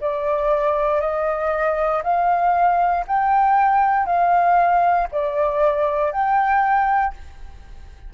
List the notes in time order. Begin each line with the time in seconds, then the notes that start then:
0.00 D5
1.00 D#5
2.03 F5
3.07 G5
4.05 F5
5.11 D5
6.12 G5